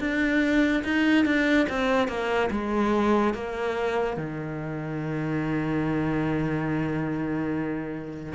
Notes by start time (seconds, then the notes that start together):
0.00 D4
0.84 D#4
1.26 D4
1.69 C4
2.08 A#3
2.51 G#3
3.34 A#3
4.17 D#3